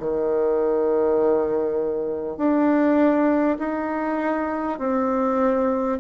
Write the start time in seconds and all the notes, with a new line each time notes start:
0.00 D#3
2.38 D4
3.59 D#4
4.79 C4